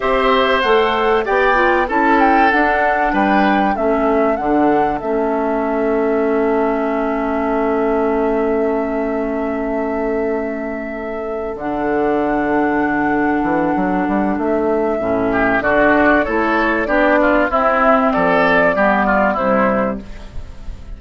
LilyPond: <<
  \new Staff \with { instrumentName = "flute" } { \time 4/4 \tempo 4 = 96 e''4 fis''4 g''4 a''8 g''8 | fis''4 g''4 e''4 fis''4 | e''1~ | e''1~ |
e''2~ e''8 fis''4.~ | fis''2. e''4~ | e''4 d''4 cis''4 d''4 | e''4 d''2 c''4 | }
  \new Staff \with { instrumentName = "oboe" } { \time 4/4 c''2 d''4 a'4~ | a'4 b'4 a'2~ | a'1~ | a'1~ |
a'1~ | a'1~ | a'8 g'8 fis'4 a'4 g'8 f'8 | e'4 a'4 g'8 f'8 e'4 | }
  \new Staff \with { instrumentName = "clarinet" } { \time 4/4 g'4 a'4 g'8 f'8 e'4 | d'2 cis'4 d'4 | cis'1~ | cis'1~ |
cis'2~ cis'8 d'4.~ | d'1 | cis'4 d'4 e'4 d'4 | c'2 b4 g4 | }
  \new Staff \with { instrumentName = "bassoon" } { \time 4/4 c'4 a4 b4 cis'4 | d'4 g4 a4 d4 | a1~ | a1~ |
a2~ a8 d4.~ | d4. e8 fis8 g8 a4 | a,4 d4 a4 b4 | c'4 f4 g4 c4 | }
>>